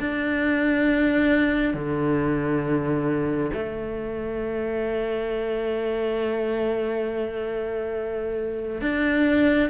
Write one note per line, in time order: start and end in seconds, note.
0.00 1.74 D4
1.74 3.51 D3
3.54 8.82 A3
8.82 9.70 D4